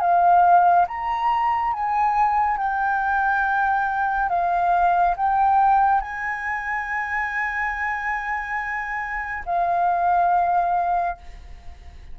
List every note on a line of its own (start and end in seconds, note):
0.00 0.86 F5
0.88 1.73 A#5
1.73 2.58 G#5
2.58 4.29 G5
4.29 5.15 F5
5.17 6.01 G5
6.01 9.44 G#5
9.46 11.17 F5